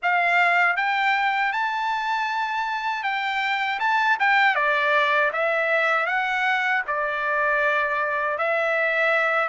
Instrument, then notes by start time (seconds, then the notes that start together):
trumpet
0.02 F5
0.76 G5
1.52 A5
3.03 G5
3.79 A5
4.19 G5
4.55 D5
5.32 E5
6.06 F#5
6.87 D5
8.38 E5